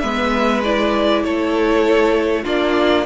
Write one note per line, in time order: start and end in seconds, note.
0.00 1.24 G#3
0.00 0.63 B3
0.00 1.23 B4
0.00 0.61 E5
0.64 2.45 E4
0.64 1.24 D5
1.24 2.46 A3
1.24 2.44 A4
1.24 2.45 C#5
2.44 3.07 A#3
2.44 3.06 D4
2.44 3.04 F4
2.44 3.07 D5